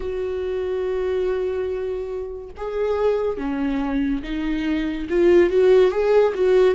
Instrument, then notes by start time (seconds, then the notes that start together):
viola
0.00 F#4
2.57 G#4
3.37 C#4
4.23 D#4
5.09 F4
5.49 F#4
5.91 G#4
6.34 F#4